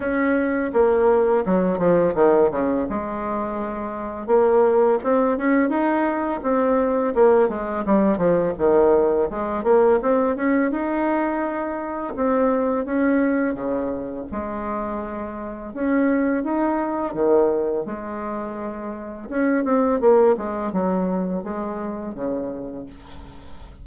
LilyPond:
\new Staff \with { instrumentName = "bassoon" } { \time 4/4 \tempo 4 = 84 cis'4 ais4 fis8 f8 dis8 cis8 | gis2 ais4 c'8 cis'8 | dis'4 c'4 ais8 gis8 g8 f8 | dis4 gis8 ais8 c'8 cis'8 dis'4~ |
dis'4 c'4 cis'4 cis4 | gis2 cis'4 dis'4 | dis4 gis2 cis'8 c'8 | ais8 gis8 fis4 gis4 cis4 | }